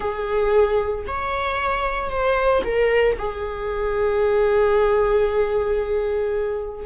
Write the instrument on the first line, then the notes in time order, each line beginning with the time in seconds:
viola
0.00 G#4
1.07 C#5
2.10 C5
2.64 A#4
3.18 G#4